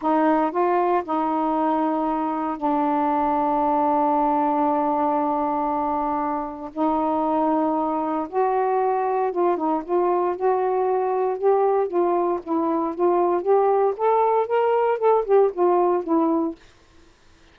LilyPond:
\new Staff \with { instrumentName = "saxophone" } { \time 4/4 \tempo 4 = 116 dis'4 f'4 dis'2~ | dis'4 d'2.~ | d'1~ | d'4 dis'2. |
fis'2 f'8 dis'8 f'4 | fis'2 g'4 f'4 | e'4 f'4 g'4 a'4 | ais'4 a'8 g'8 f'4 e'4 | }